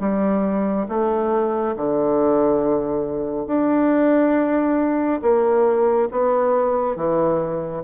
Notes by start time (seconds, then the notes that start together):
0.00 G3
0.89 A3
1.76 D3
3.47 D4
5.22 A#3
6.11 B3
6.96 E3